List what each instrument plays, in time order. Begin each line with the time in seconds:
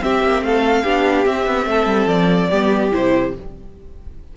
0.00 viola C4, cello C4, violin G4 E5
0.23 cello A#3
0.41 cello A3, violin A4 F5
0.83 cello B3, viola D4, violin G4
1.25 cello C4, viola C4, violin E5
1.46 cello B3
1.65 cello A3, violin A4
1.85 cello G3
2.06 cello F3, violin D5
2.49 cello G3, viola B3, violin G4
2.91 cello C3, viola E4, violin C5